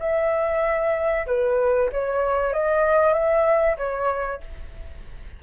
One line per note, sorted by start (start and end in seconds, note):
0.00 1.26 E5
1.27 1.90 B4
1.93 2.53 C#5
2.53 3.14 D#5
3.14 3.77 E5
3.78 4.41 C#5